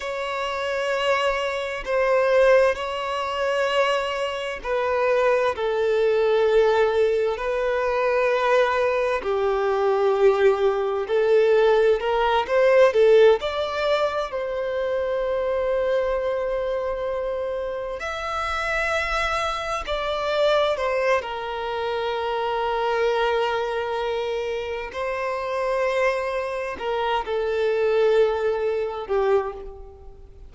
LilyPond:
\new Staff \with { instrumentName = "violin" } { \time 4/4 \tempo 4 = 65 cis''2 c''4 cis''4~ | cis''4 b'4 a'2 | b'2 g'2 | a'4 ais'8 c''8 a'8 d''4 c''8~ |
c''2.~ c''8 e''8~ | e''4. d''4 c''8 ais'4~ | ais'2. c''4~ | c''4 ais'8 a'2 g'8 | }